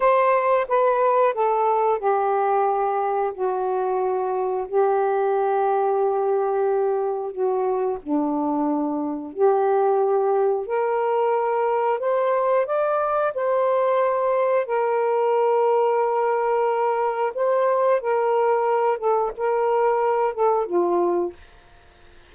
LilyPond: \new Staff \with { instrumentName = "saxophone" } { \time 4/4 \tempo 4 = 90 c''4 b'4 a'4 g'4~ | g'4 fis'2 g'4~ | g'2. fis'4 | d'2 g'2 |
ais'2 c''4 d''4 | c''2 ais'2~ | ais'2 c''4 ais'4~ | ais'8 a'8 ais'4. a'8 f'4 | }